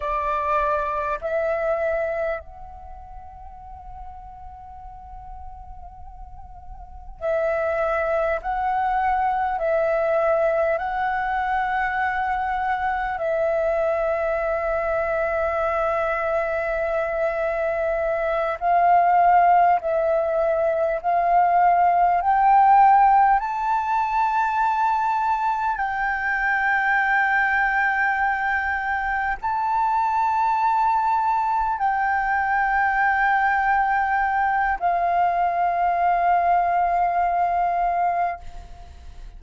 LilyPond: \new Staff \with { instrumentName = "flute" } { \time 4/4 \tempo 4 = 50 d''4 e''4 fis''2~ | fis''2 e''4 fis''4 | e''4 fis''2 e''4~ | e''2.~ e''8 f''8~ |
f''8 e''4 f''4 g''4 a''8~ | a''4. g''2~ g''8~ | g''8 a''2 g''4.~ | g''4 f''2. | }